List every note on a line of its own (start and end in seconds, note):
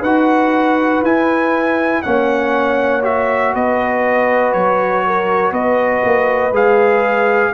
0.00 1.02 D#4
0.00 1.05 F#4
0.00 2.00 B4
0.00 1.03 F#5
1.02 2.02 E4
1.02 2.04 E4
1.02 2.03 G#5
2.03 3.54 A#3
2.03 3.02 C#4
2.03 3.54 C#5
2.03 3.03 F#5
3.02 6.52 F#4
3.02 3.54 E5
3.54 4.54 B3
3.54 5.04 B4
3.54 4.53 D#5
4.53 5.52 F#3
4.53 5.53 C#5
5.07 5.52 A#4
5.52 6.02 B3
5.52 7.52 B4
5.52 6.54 D#5
6.04 6.51 A#3
6.51 7.51 G#3
6.51 7.54 G#4
6.51 7.54 F5